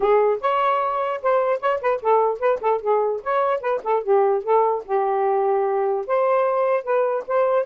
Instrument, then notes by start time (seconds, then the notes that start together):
saxophone
0.00 G#4
0.40 C#5
1.22 C5
1.60 C#5
1.81 B4
2.01 A4
2.39 B4
2.61 A4
2.81 G#4
3.23 C#5
3.60 B4
3.83 A4
4.03 G4
4.43 A4
4.85 G4
6.06 C5
6.83 B4
7.27 C5